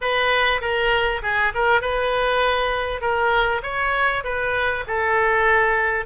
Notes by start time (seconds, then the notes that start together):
0.01 B4
0.61 A#4
1.22 G#4
1.54 A#4
1.81 B4
3.01 A#4
3.63 C#5
4.23 B4
4.87 A4